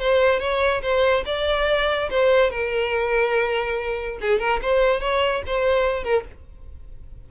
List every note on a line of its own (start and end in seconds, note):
0.00 0.40 C5
0.40 0.82 C#5
0.83 1.25 C5
1.26 2.10 D5
2.11 2.51 C5
2.51 4.19 A#4
4.21 4.40 G#4
4.40 4.61 A#4
4.62 5.01 C5
5.01 5.43 C#5
5.47 6.04 C5
6.04 6.25 A#4